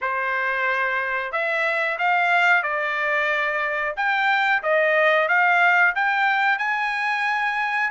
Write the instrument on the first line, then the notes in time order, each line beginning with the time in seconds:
trumpet
0.01 C5
1.32 E5
1.98 F5
2.63 D5
3.96 G5
4.62 D#5
5.28 F5
5.95 G5
6.58 G#5